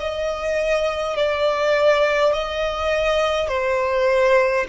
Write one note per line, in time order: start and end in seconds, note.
0.00 1.16 D#5
1.16 2.33 D5
2.33 3.48 D#5
3.48 4.66 C5